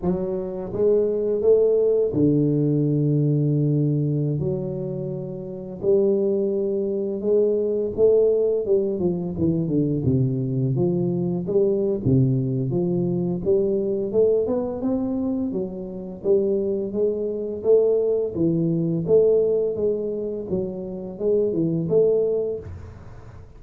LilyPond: \new Staff \with { instrumentName = "tuba" } { \time 4/4 \tempo 4 = 85 fis4 gis4 a4 d4~ | d2~ d16 fis4.~ fis16~ | fis16 g2 gis4 a8.~ | a16 g8 f8 e8 d8 c4 f8.~ |
f16 g8. c4 f4 g4 | a8 b8 c'4 fis4 g4 | gis4 a4 e4 a4 | gis4 fis4 gis8 e8 a4 | }